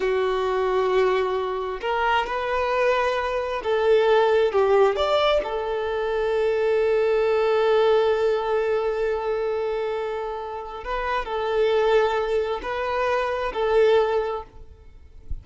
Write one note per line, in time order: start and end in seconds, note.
0.00 1.80 F#4
1.81 2.26 A#4
2.26 3.62 B4
3.63 4.52 A4
4.52 4.95 G4
4.95 5.41 D5
5.43 10.84 A4
10.84 11.25 B4
11.25 12.60 A4
12.62 13.52 B4
13.53 14.43 A4